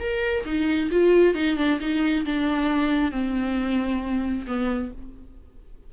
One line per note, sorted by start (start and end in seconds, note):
0.00 0.45 A#4
0.46 0.90 D#4
0.91 1.35 F4
1.35 1.57 D#4
1.57 1.80 D4
1.80 2.25 D#4
2.26 3.12 D4
3.12 4.46 C4
4.47 4.92 B3